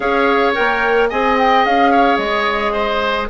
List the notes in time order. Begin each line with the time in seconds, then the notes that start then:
0.00 C#4 G#4 C#5 F5
0.53 A#3 A#4 G5
1.09 C4 G#4 D#5 G#5
1.38 G5
1.65 C#4 F5
1.91 C#5
2.17 G#3 D#5
2.72 C5